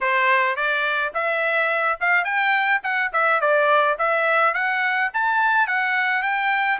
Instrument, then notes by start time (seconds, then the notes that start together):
trumpet
0.00 C5
0.56 D5
1.13 E5
2.00 F5
2.24 G5
2.83 F#5
3.13 E5
3.40 D5
3.98 E5
4.54 F#5
5.13 A5
5.67 F#5
6.22 G5